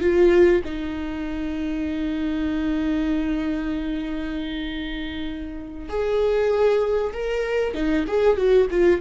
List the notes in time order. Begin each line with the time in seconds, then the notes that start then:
0.00 F4
0.64 D#4
5.88 G#4
7.12 A#4
7.73 D#4
8.07 G#4
8.36 F#4
8.70 F4